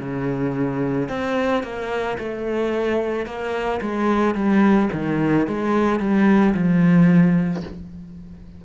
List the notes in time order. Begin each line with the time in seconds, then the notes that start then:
0.00 C#3
1.09 C4
1.64 A#3
2.19 A3
3.26 A#3
3.82 G#3
4.35 G3
4.93 D#3
5.48 G#3
6.00 G3
6.55 F3